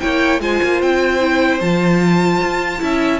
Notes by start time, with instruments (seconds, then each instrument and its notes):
0.00 cello A#3, viola E4, violin C#5 G5
0.40 cello G#3, viola F4, violin C5 G#5
0.63 cello A#3
0.82 cello C4, violin G5
1.20 viola E4
1.60 cello F3, viola F4, violin A5
2.41 cello F4
2.79 cello C#4, viola E4, violin E5